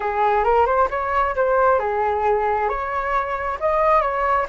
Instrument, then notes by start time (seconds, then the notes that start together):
flute
0.00 G#4
0.44 A#4
0.66 C5
0.90 C#5
1.35 C5
1.79 G#4
2.69 C#5
3.60 D#5
4.01 C#5